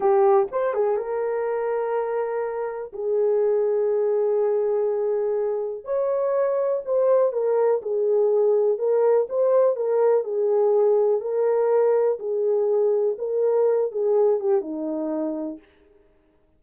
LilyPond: \new Staff \with { instrumentName = "horn" } { \time 4/4 \tempo 4 = 123 g'4 c''8 gis'8 ais'2~ | ais'2 gis'2~ | gis'1 | cis''2 c''4 ais'4 |
gis'2 ais'4 c''4 | ais'4 gis'2 ais'4~ | ais'4 gis'2 ais'4~ | ais'8 gis'4 g'8 dis'2 | }